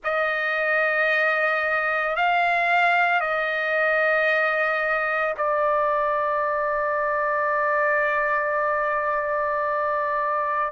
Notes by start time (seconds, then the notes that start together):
0.03 D#5
2.15 F5
3.20 D#5
5.37 D5